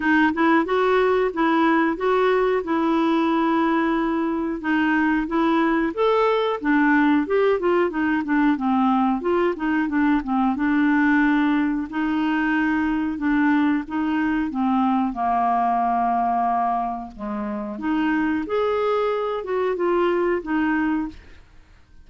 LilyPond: \new Staff \with { instrumentName = "clarinet" } { \time 4/4 \tempo 4 = 91 dis'8 e'8 fis'4 e'4 fis'4 | e'2. dis'4 | e'4 a'4 d'4 g'8 f'8 | dis'8 d'8 c'4 f'8 dis'8 d'8 c'8 |
d'2 dis'2 | d'4 dis'4 c'4 ais4~ | ais2 gis4 dis'4 | gis'4. fis'8 f'4 dis'4 | }